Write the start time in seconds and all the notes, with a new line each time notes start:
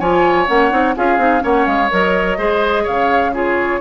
0.00 F3 F4 C#5 G#5
0.47 A#3 C#4 F#5
0.71 C4 D#4
0.96 C#4 F4 G#4 F5
1.18 C4 D#4
1.40 A#3 C#4 C#5 F#5
1.67 G#3 F5
1.91 F#3 A#4 D#5
2.38 G#3 G#4 C5
2.83 C#3 C#5 F5
3.34 F4 G#4 C#5